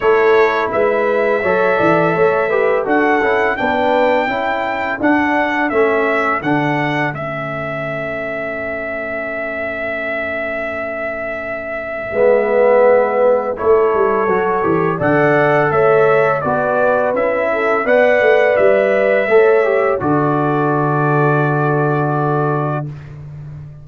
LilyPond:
<<
  \new Staff \with { instrumentName = "trumpet" } { \time 4/4 \tempo 4 = 84 cis''4 e''2. | fis''4 g''2 fis''4 | e''4 fis''4 e''2~ | e''1~ |
e''2. cis''4~ | cis''4 fis''4 e''4 d''4 | e''4 fis''4 e''2 | d''1 | }
  \new Staff \with { instrumentName = "horn" } { \time 4/4 a'4 b'4 cis''8 d''8 cis''8 b'8 | a'4 b'4 a'2~ | a'1~ | a'1~ |
a'4 b'2 a'4~ | a'4 d''4 cis''4 b'4~ | b'8 a'8 d''2 cis''4 | a'1 | }
  \new Staff \with { instrumentName = "trombone" } { \time 4/4 e'2 a'4. g'8 | fis'8 e'8 d'4 e'4 d'4 | cis'4 d'4 cis'2~ | cis'1~ |
cis'4 b2 e'4 | fis'8 g'8 a'2 fis'4 | e'4 b'2 a'8 g'8 | fis'1 | }
  \new Staff \with { instrumentName = "tuba" } { \time 4/4 a4 gis4 fis8 e8 a4 | d'8 cis'8 b4 cis'4 d'4 | a4 d4 a2~ | a1~ |
a4 gis2 a8 g8 | fis8 e8 d4 a4 b4 | cis'4 b8 a8 g4 a4 | d1 | }
>>